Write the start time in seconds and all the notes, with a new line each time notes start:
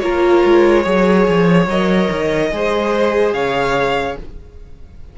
0.00 A#3 F4 A#4 C#5
0.45 G#3
0.83 F#3 G#4 C#5
1.28 F3
1.67 F#3 A#4 D#5
2.11 D#3
2.52 G#3 G#4 C5
3.33 C#3 C#5 F5